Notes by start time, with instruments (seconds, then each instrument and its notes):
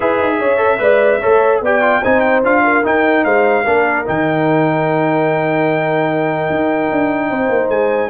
0.00 tuba E4, trombone G#4, horn B4, trumpet E5
0.19 tuba D#4
0.39 tuba C#4, horn C#5
0.57 trombone A4
0.79 tuba G#3, trombone B4, horn D5
1.20 tuba A3, trombone A4, horn C#5
1.61 tuba B3, trombone G4, horn D5, trumpet G5
1.81 trombone F4
2.02 tuba C4, trombone D#4, horn C5, trumpet G#5
2.20 trumpet G5
2.43 tuba D4, trombone F4, trumpet F5
2.64 horn A#4
2.83 trombone D#4, tuba D#4, trumpet G5
3.24 tuba G#3, horn C5, trumpet F5
3.63 tuba A#3, trombone D4, horn A#4
4.05 tuba D#3, trombone D#4, trumpet G5
6.50 tuba D#4
6.91 tuba D4
7.29 tuba C4, horn C5
7.48 tuba A#3
7.68 tuba G#3, trumpet G#5